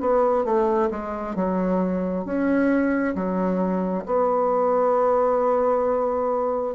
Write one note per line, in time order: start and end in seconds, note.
0.00 0.44 B3
0.44 0.89 A3
0.91 1.36 G#3
1.36 2.25 F#3
2.25 3.14 C#4
3.15 4.04 F#3
4.06 6.74 B3